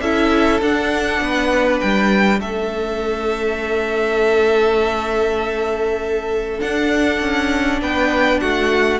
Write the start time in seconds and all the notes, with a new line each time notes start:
0.00 C#4 E4 A4 E5
0.61 D4 F#5
1.20 B3 B4
1.80 G3 G5
2.39 A3 C#4 A4 E5
6.58 D4 F#5
7.21 C#4
7.81 B3 B4 G5
8.39 A3 F#4 F#5